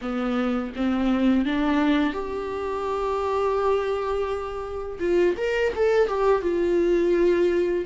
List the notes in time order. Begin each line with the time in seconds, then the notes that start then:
0.01 B3
0.76 C4
1.44 D4
2.13 G4
4.99 F4
5.37 A#4
5.75 A4
6.07 G4
6.42 F4